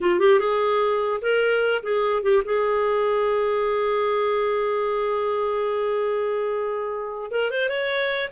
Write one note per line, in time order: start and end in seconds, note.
0.01 0.19 F4
0.19 0.39 G4
0.39 1.20 G#4
1.21 1.82 A#4
1.82 2.22 G#4
2.22 2.43 G4
2.44 7.31 G#4
7.31 7.50 A#4
7.50 7.69 C5
7.69 8.30 C#5